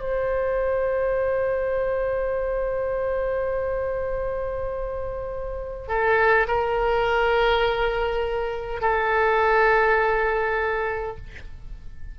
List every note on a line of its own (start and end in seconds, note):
0.00 5.88 C5
5.88 6.47 A4
6.48 8.81 A#4
8.81 11.17 A4